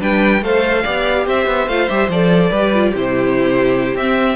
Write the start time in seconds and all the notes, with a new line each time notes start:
0.00 G3 D4 B4 G5
0.43 A3 A4 C5 F5
0.83 B3 G4 D5
1.27 C4 C5 E5
1.47 B3
1.68 A3 F4 F5
1.89 G3 G4 E5
2.09 F3 A4 D5
2.51 G3 G4 B4
2.74 F4
2.92 C3 E4 G4 C5
3.96 C4 E5